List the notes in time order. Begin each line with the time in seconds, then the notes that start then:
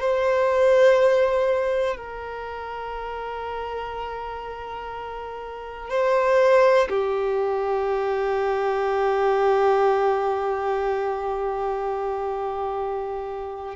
0.00 C5
1.96 A#4
5.90 C5
6.89 G4